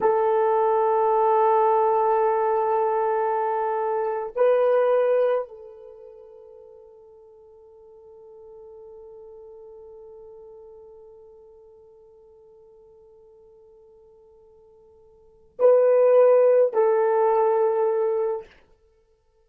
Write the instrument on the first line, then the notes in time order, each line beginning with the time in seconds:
horn
0.00 A4
4.35 B4
5.48 A4
15.59 B4
16.73 A4